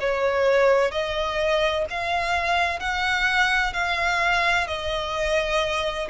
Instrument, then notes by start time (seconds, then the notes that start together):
violin
0.00 C#5
0.91 D#5
1.90 F5
2.80 F#5
3.73 F5
4.67 D#5